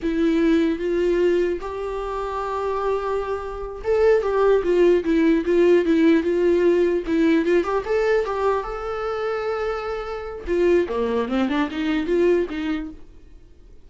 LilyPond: \new Staff \with { instrumentName = "viola" } { \time 4/4 \tempo 4 = 149 e'2 f'2 | g'1~ | g'4. a'4 g'4 f'8~ | f'8 e'4 f'4 e'4 f'8~ |
f'4. e'4 f'8 g'8 a'8~ | a'8 g'4 a'2~ a'8~ | a'2 f'4 ais4 | c'8 d'8 dis'4 f'4 dis'4 | }